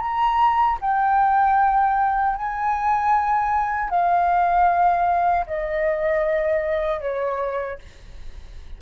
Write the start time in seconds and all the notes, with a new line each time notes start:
0.00 A#5
0.81 G5
2.36 G#5
3.90 F5
5.47 D#5
7.01 C#5